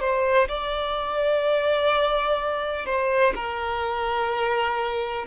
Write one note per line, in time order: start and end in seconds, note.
0.00 0.48 C5
0.48 2.86 D5
2.86 3.33 C5
3.35 5.25 A#4